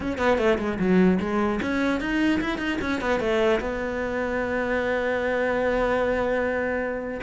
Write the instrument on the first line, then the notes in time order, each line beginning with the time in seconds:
cello
0.00 C#4
0.18 B3
0.37 A3
0.58 G#3
0.79 F#3
1.20 G#3
1.61 C#4
2.00 D#4
2.41 E4
2.58 D#4
2.81 C#4
3.01 B3
3.19 A3
3.60 B3